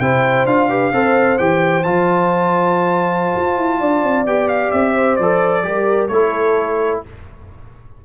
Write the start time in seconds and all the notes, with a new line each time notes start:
0.00 C3 E4 C5 G5
0.46 D4 F4 F5
0.70 G4 B4
0.93 C4 A4 C5
1.38 E3 G4 G5
1.84 F3 F4 A5
3.36 F4
3.58 E4
3.80 D4 D5
4.04 C4
4.26 B3 G4 G5
4.49 F5
4.72 C4 E5
4.95 C5
5.17 F3 A4 D5
5.64 G3 G4 A#4
6.08 A3 E4 A4 C#5